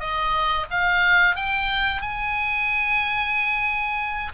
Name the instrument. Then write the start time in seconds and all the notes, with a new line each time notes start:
oboe
0.00 D#5
0.70 F5
1.36 G5
2.01 G#5